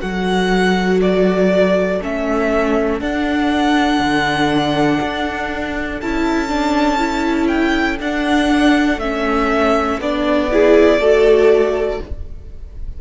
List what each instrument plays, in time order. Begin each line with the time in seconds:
0.00 cello F#3, viola F#4, violin A4 F#5
1.01 violin D5
2.01 cello A3, viola C#4, violin E5
3.00 viola D4, cello D4, violin F#5
3.99 cello D3
5.01 cello D4
6.01 cello C#4, viola E4, violin A5
6.49 viola D4
6.98 viola E4
7.47 violin G5
8.00 cello D4, viola D4, violin F#5
8.97 cello A3, viola C#4, violin E5
10.00 cello B3, viola D4, violin D5
10.51 viola E4, violin G#4
11.00 cello A3, viola F#4, violin A4